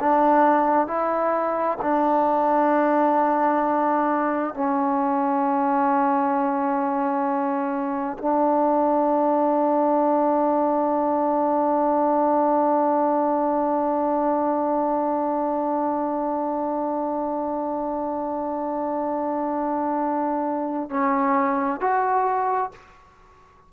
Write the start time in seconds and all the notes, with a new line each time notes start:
0.00 D4
0.87 E4
1.81 D4
4.54 C#4
8.18 D4
20.90 C#4
21.80 F#4